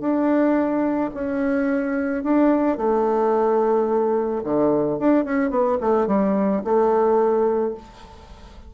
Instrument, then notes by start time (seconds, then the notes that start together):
bassoon
0.00 D4
1.14 C#4
2.23 D4
2.77 A3
4.44 D3
4.99 D4
5.24 C#4
5.50 B3
5.80 A3
6.07 G3
6.64 A3